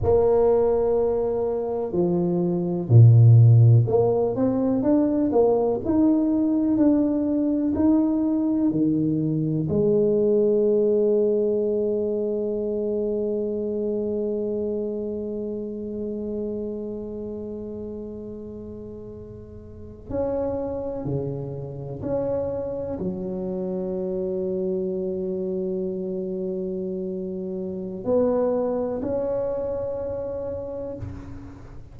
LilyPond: \new Staff \with { instrumentName = "tuba" } { \time 4/4 \tempo 4 = 62 ais2 f4 ais,4 | ais8 c'8 d'8 ais8 dis'4 d'4 | dis'4 dis4 gis2~ | gis1~ |
gis1~ | gis8. cis'4 cis4 cis'4 fis16~ | fis1~ | fis4 b4 cis'2 | }